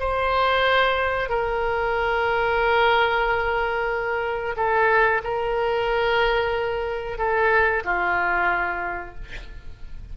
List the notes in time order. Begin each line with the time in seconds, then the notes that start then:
0.00 C5
1.30 A#4
4.57 A4
5.24 A#4
7.18 A4
7.85 F4